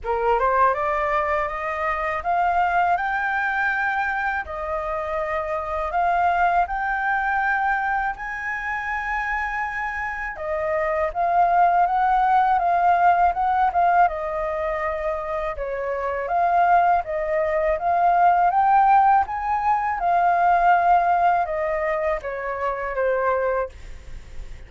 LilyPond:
\new Staff \with { instrumentName = "flute" } { \time 4/4 \tempo 4 = 81 ais'8 c''8 d''4 dis''4 f''4 | g''2 dis''2 | f''4 g''2 gis''4~ | gis''2 dis''4 f''4 |
fis''4 f''4 fis''8 f''8 dis''4~ | dis''4 cis''4 f''4 dis''4 | f''4 g''4 gis''4 f''4~ | f''4 dis''4 cis''4 c''4 | }